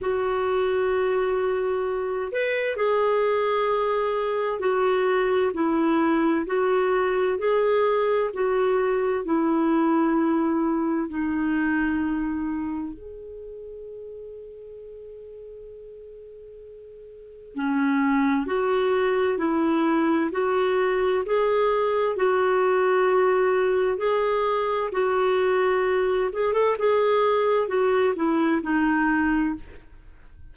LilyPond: \new Staff \with { instrumentName = "clarinet" } { \time 4/4 \tempo 4 = 65 fis'2~ fis'8 b'8 gis'4~ | gis'4 fis'4 e'4 fis'4 | gis'4 fis'4 e'2 | dis'2 gis'2~ |
gis'2. cis'4 | fis'4 e'4 fis'4 gis'4 | fis'2 gis'4 fis'4~ | fis'8 gis'16 a'16 gis'4 fis'8 e'8 dis'4 | }